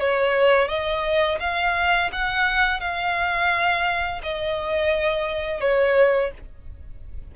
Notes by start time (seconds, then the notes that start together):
0.00 C#5
0.69 D#5
1.41 F5
2.12 F#5
2.81 F5
4.24 D#5
5.61 C#5